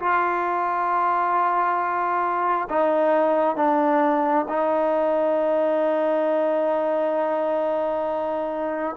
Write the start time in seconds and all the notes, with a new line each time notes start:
0.00 F4
2.70 D#4
3.56 D4
4.49 D#4